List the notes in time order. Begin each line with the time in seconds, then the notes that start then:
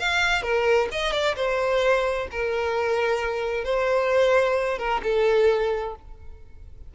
0.00 F5
0.43 A#4
0.92 D#5
1.13 D5
1.37 C5
2.32 A#4
3.65 C5
4.79 A#4
5.04 A4